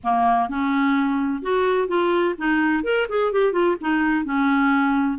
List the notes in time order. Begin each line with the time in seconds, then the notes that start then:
0.03 A#3
0.49 C#4
1.42 F#4
1.88 F4
2.38 D#4
2.83 A#4
3.08 G#4
3.32 G4
3.52 F4
3.80 D#4
4.25 C#4